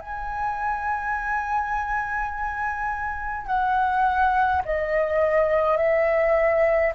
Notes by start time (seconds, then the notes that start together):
0.00 G#5
3.47 F#5
4.65 D#5
5.77 E5